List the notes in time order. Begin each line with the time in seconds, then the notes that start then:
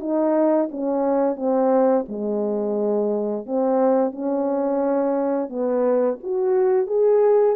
0.00 D#4
0.71 C#4
1.36 C4
2.08 G#3
3.46 C4
4.12 C#4
5.49 B3
6.23 F#4
6.87 G#4